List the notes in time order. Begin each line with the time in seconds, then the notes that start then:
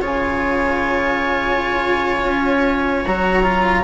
0.00 C#3 F4 C#5 G#5
2.23 C#4
3.06 F#3 F#4 A#5
3.43 F4